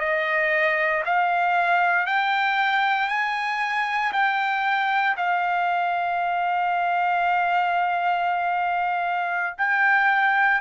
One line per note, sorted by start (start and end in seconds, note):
0.00 1.03 D#5
1.05 2.06 F5
2.06 3.09 G5
3.09 4.12 G#5
4.13 5.16 G5
5.17 9.56 F5
9.58 10.61 G5